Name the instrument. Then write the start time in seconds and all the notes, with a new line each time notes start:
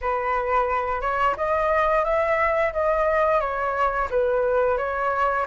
flute
0.01 B4
1.01 C#5
1.36 D#5
2.04 E5
2.72 D#5
3.40 C#5
4.10 B4
4.77 C#5